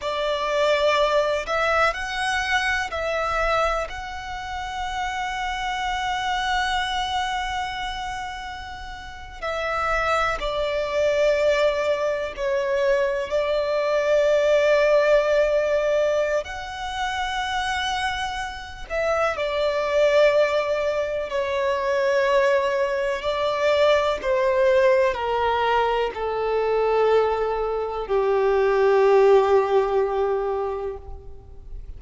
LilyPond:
\new Staff \with { instrumentName = "violin" } { \time 4/4 \tempo 4 = 62 d''4. e''8 fis''4 e''4 | fis''1~ | fis''4.~ fis''16 e''4 d''4~ d''16~ | d''8. cis''4 d''2~ d''16~ |
d''4 fis''2~ fis''8 e''8 | d''2 cis''2 | d''4 c''4 ais'4 a'4~ | a'4 g'2. | }